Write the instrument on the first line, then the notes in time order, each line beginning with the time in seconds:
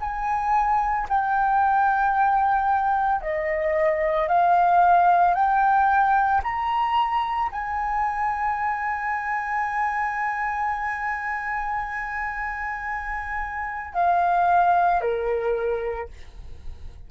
flute
0.00 G#5
1.09 G5
3.21 D#5
4.28 F5
5.34 G5
6.43 A#5
7.51 G#5
13.93 F5
15.00 A#4